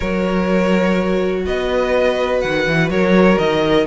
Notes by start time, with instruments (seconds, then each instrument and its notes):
0.00 cello F#3, viola F#4, violin A#4 C#5
1.46 cello B3, violin B4 D#5
2.40 cello D#3, violin F#5
2.67 cello E3
2.89 cello F#3, violin A#4 C#5
3.38 cello D#3, violin D#5